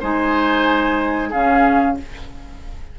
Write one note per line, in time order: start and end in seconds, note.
0.00 1.33 G#3
0.00 1.32 D#4
0.00 1.30 C5
0.00 1.31 G#5
1.30 1.99 C#3
1.30 1.98 C#4
1.30 1.95 G#4
1.30 1.97 F5